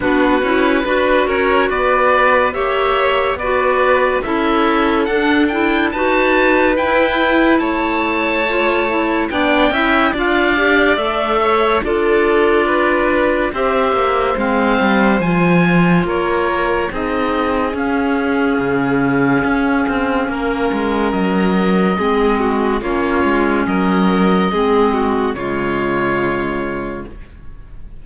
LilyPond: <<
  \new Staff \with { instrumentName = "oboe" } { \time 4/4 \tempo 4 = 71 b'4. cis''8 d''4 e''4 | d''4 e''4 fis''8 g''8 a''4 | g''4 a''2 g''4 | f''4 e''4 d''2 |
e''4 f''4 gis''4 cis''4 | dis''4 f''2.~ | f''4 dis''2 cis''4 | dis''2 cis''2 | }
  \new Staff \with { instrumentName = "violin" } { \time 4/4 fis'4 b'8 ais'8 b'4 cis''4 | b'4 a'2 b'4~ | b'4 cis''2 d''8 e''8 | d''4. cis''8 a'4 b'4 |
c''2. ais'4 | gis'1 | ais'2 gis'8 fis'8 f'4 | ais'4 gis'8 fis'8 f'2 | }
  \new Staff \with { instrumentName = "clarinet" } { \time 4/4 d'8 e'8 fis'2 g'4 | fis'4 e'4 d'8 e'8 fis'4 | e'2 f'8 e'8 d'8 e'8 | f'8 g'8 a'4 f'2 |
g'4 c'4 f'2 | dis'4 cis'2.~ | cis'2 c'4 cis'4~ | cis'4 c'4 gis2 | }
  \new Staff \with { instrumentName = "cello" } { \time 4/4 b8 cis'8 d'8 cis'8 b4 ais4 | b4 cis'4 d'4 dis'4 | e'4 a2 b8 cis'8 | d'4 a4 d'2 |
c'8 ais8 gis8 g8 f4 ais4 | c'4 cis'4 cis4 cis'8 c'8 | ais8 gis8 fis4 gis4 ais8 gis8 | fis4 gis4 cis2 | }
>>